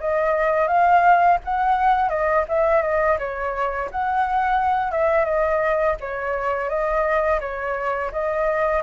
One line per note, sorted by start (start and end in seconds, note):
0.00 0.67 D#5
0.67 1.38 F5
1.44 2.09 F#5
2.09 2.44 D#5
2.48 2.82 E5
2.82 3.18 D#5
3.19 3.90 C#5
3.91 4.92 F#5
4.92 5.25 E5
5.25 5.96 D#5
6.00 6.69 C#5
6.69 7.40 D#5
7.41 8.11 C#5
8.12 8.82 D#5